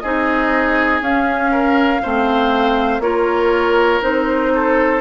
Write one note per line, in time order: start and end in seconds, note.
0.00 1.01 C4
0.00 1.03 D#4
0.00 1.52 G#4
0.00 1.00 D#5
1.01 2.01 C#4
1.01 2.03 C#4
1.01 3.02 F5
1.52 2.02 A#4
2.03 3.00 A3
2.03 3.02 C4
2.03 3.03 C5
3.00 4.00 A#3
3.00 4.02 F4
3.00 4.53 A#4
3.00 4.02 C#5
4.02 5.02 C4
4.02 5.02 D#4
4.02 5.02 C5
4.55 5.02 A4